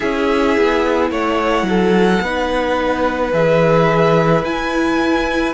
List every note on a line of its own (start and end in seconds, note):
0.00 0.57 C#4
0.00 2.20 E4
0.00 1.10 G#4
0.00 1.10 E5
0.57 1.10 B3
1.10 1.62 A3
1.10 1.66 C#5
1.10 3.33 F#5
1.62 2.18 F#3
1.62 2.23 A4
2.21 3.32 B3
2.21 3.32 D#4
2.21 5.54 B4
3.32 4.42 E3
3.32 4.43 G#4
3.32 4.44 E5
4.42 5.53 E4
4.42 5.54 E4
4.42 5.54 G#5